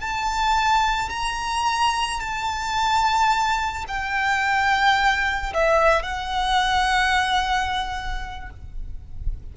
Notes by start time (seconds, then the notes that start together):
0.00 A5
1.09 A#5
2.19 A5
3.88 G5
5.53 E5
6.02 F#5